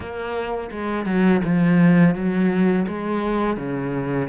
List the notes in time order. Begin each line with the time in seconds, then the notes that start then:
0.00 A#3
0.71 G#3
1.05 F#3
1.44 F3
2.14 F#3
2.87 G#3
3.56 C#3